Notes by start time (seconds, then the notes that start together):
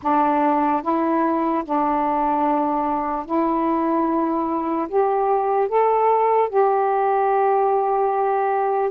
0.02 D4
0.82 E4
1.64 D4
3.25 E4
4.88 G4
5.68 A4
6.49 G4